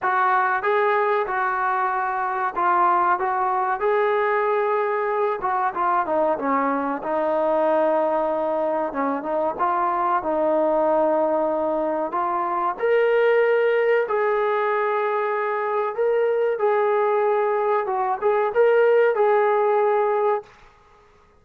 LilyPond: \new Staff \with { instrumentName = "trombone" } { \time 4/4 \tempo 4 = 94 fis'4 gis'4 fis'2 | f'4 fis'4 gis'2~ | gis'8 fis'8 f'8 dis'8 cis'4 dis'4~ | dis'2 cis'8 dis'8 f'4 |
dis'2. f'4 | ais'2 gis'2~ | gis'4 ais'4 gis'2 | fis'8 gis'8 ais'4 gis'2 | }